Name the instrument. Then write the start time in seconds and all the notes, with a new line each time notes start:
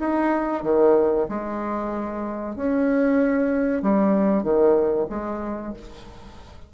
bassoon
0.00 D#4
0.64 D#3
1.29 G#3
2.56 C#4
3.83 G3
4.43 D#3
5.10 G#3